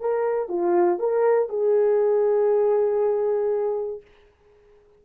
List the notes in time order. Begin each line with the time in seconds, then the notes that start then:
0.00 A#4
0.49 F4
0.99 A#4
1.49 G#4